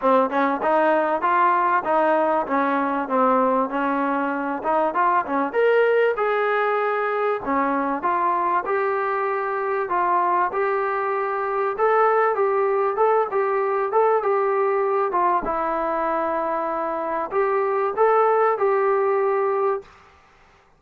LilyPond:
\new Staff \with { instrumentName = "trombone" } { \time 4/4 \tempo 4 = 97 c'8 cis'8 dis'4 f'4 dis'4 | cis'4 c'4 cis'4. dis'8 | f'8 cis'8 ais'4 gis'2 | cis'4 f'4 g'2 |
f'4 g'2 a'4 | g'4 a'8 g'4 a'8 g'4~ | g'8 f'8 e'2. | g'4 a'4 g'2 | }